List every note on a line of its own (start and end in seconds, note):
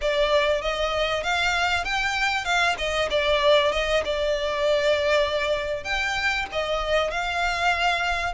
0.01 0.61 D5
0.61 1.23 D#5
1.23 1.84 F5
1.84 2.44 G5
2.44 2.75 F5
2.78 3.08 D#5
3.10 3.72 D5
3.72 4.03 D#5
4.04 5.84 D5
5.84 6.46 G5
6.52 7.10 D#5
7.10 8.33 F5